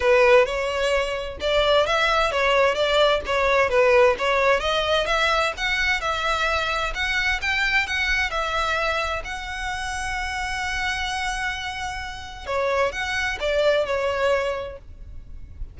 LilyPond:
\new Staff \with { instrumentName = "violin" } { \time 4/4 \tempo 4 = 130 b'4 cis''2 d''4 | e''4 cis''4 d''4 cis''4 | b'4 cis''4 dis''4 e''4 | fis''4 e''2 fis''4 |
g''4 fis''4 e''2 | fis''1~ | fis''2. cis''4 | fis''4 d''4 cis''2 | }